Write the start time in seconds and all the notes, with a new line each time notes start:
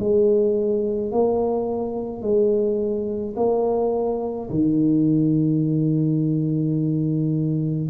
0.00 G#3
1.11 A#3
2.22 G#3
3.36 A#3
4.50 D#3